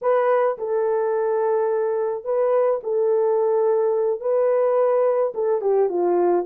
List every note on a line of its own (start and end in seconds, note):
0.01 0.57 B4
0.58 2.24 A4
2.24 2.80 B4
2.83 4.20 A4
4.20 5.32 B4
5.34 5.61 A4
5.61 5.89 G4
5.89 6.45 F4